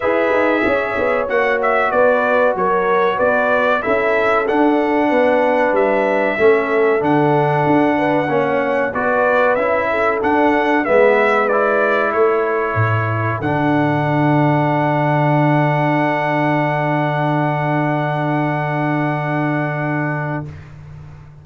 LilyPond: <<
  \new Staff \with { instrumentName = "trumpet" } { \time 4/4 \tempo 4 = 94 e''2 fis''8 e''8 d''4 | cis''4 d''4 e''4 fis''4~ | fis''4 e''2 fis''4~ | fis''2 d''4 e''4 |
fis''4 e''4 d''4 cis''4~ | cis''4 fis''2.~ | fis''1~ | fis''1 | }
  \new Staff \with { instrumentName = "horn" } { \time 4/4 b'4 cis''2 b'4 | ais'4 b'4 a'2 | b'2 a'2~ | a'8 b'8 cis''4 b'4. a'8~ |
a'4 b'2 a'4~ | a'1~ | a'1~ | a'1 | }
  \new Staff \with { instrumentName = "trombone" } { \time 4/4 gis'2 fis'2~ | fis'2 e'4 d'4~ | d'2 cis'4 d'4~ | d'4 cis'4 fis'4 e'4 |
d'4 b4 e'2~ | e'4 d'2.~ | d'1~ | d'1 | }
  \new Staff \with { instrumentName = "tuba" } { \time 4/4 e'8 dis'8 cis'8 b8 ais4 b4 | fis4 b4 cis'4 d'4 | b4 g4 a4 d4 | d'4 ais4 b4 cis'4 |
d'4 gis2 a4 | a,4 d2.~ | d1~ | d1 | }
>>